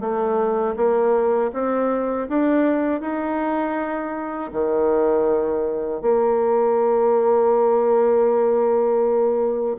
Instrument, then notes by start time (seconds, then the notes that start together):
bassoon
0.00 A3
0.76 A#3
1.53 C4
2.29 D4
3.00 D#4
4.52 D#3
6.01 A#3